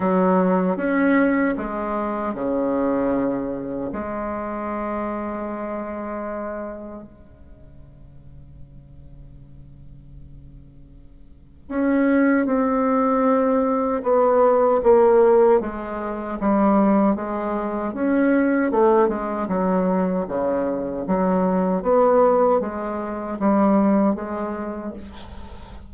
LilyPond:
\new Staff \with { instrumentName = "bassoon" } { \time 4/4 \tempo 4 = 77 fis4 cis'4 gis4 cis4~ | cis4 gis2.~ | gis4 cis2.~ | cis2. cis'4 |
c'2 b4 ais4 | gis4 g4 gis4 cis'4 | a8 gis8 fis4 cis4 fis4 | b4 gis4 g4 gis4 | }